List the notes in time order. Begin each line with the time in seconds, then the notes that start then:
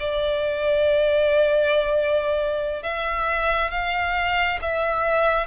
0.00 D5
2.83 E5
3.71 F5
4.62 E5